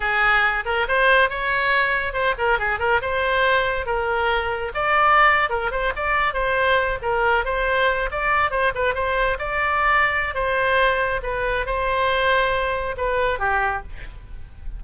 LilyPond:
\new Staff \with { instrumentName = "oboe" } { \time 4/4 \tempo 4 = 139 gis'4. ais'8 c''4 cis''4~ | cis''4 c''8 ais'8 gis'8 ais'8 c''4~ | c''4 ais'2 d''4~ | d''8. ais'8 c''8 d''4 c''4~ c''16~ |
c''16 ais'4 c''4. d''4 c''16~ | c''16 b'8 c''4 d''2~ d''16 | c''2 b'4 c''4~ | c''2 b'4 g'4 | }